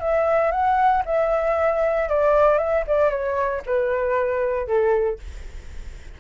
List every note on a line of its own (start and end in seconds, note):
0.00 0.51 E5
0.51 1.03 F#5
1.06 2.09 E5
2.09 2.58 D5
2.58 2.84 E5
2.87 3.10 D5
3.10 3.62 C#5
3.66 4.67 B4
4.67 5.19 A4